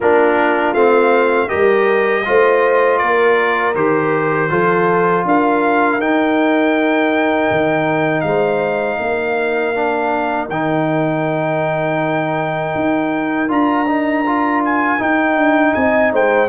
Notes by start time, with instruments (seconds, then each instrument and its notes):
0.00 tuba A#3, trombone D4, horn F4, trumpet A#4
0.73 tuba A3, trombone C4, trumpet F5
1.48 tuba G3, trombone G4, horn A#4, trumpet D#5
2.25 tuba A3, trombone F4, horn C5
2.98 tuba A#3, horn A#4, trumpet D5
3.75 tuba D#3, trombone G4, trumpet C5
4.50 tuba F3, trombone F4, horn A4
5.24 tuba D4, horn A#4, trumpet F5
5.98 tuba D#4, trombone D#4, trumpet G5
7.50 tuba D#3
8.20 tuba G#3, horn C5, trumpet F5
8.99 tuba A#3, horn A#4
9.74 trombone D4
10.49 tuba D#3, trombone D#4, trumpet G5
12.75 tuba D#4
13.48 tuba D4, trombone F4, trumpet A#5
13.87 trombone D#4
14.26 trombone F4
14.64 trumpet G#5
14.98 trombone D#4, tuba D#4, trumpet G5
15.35 tuba D4
15.73 tuba C4, horn D#5, trumpet G#5
16.12 tuba G#3, horn C5, trumpet G5